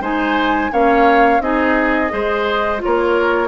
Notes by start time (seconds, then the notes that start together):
0.00 G#3 D#4 C5 G#5
0.71 A#3 C#4 C#5 F5
1.40 C4 D#4 G#4 D#5
2.09 G#3 G#4 C5
2.78 F4 C#5
2.84 A#3 A#4